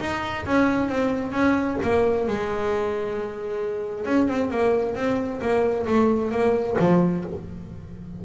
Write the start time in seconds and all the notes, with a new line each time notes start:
0.00 D#4
0.46 C#4
0.89 C4
1.32 C#4
1.83 A#3
2.28 G#3
4.06 C#4
4.28 C4
4.51 A#3
4.95 C4
5.41 A#3
5.87 A3
6.31 A#3
6.79 F3